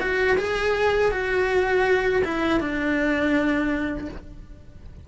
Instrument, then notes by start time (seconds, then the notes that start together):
cello
0.00 F#4
0.38 G#4
1.12 F#4
2.25 E4
2.60 D4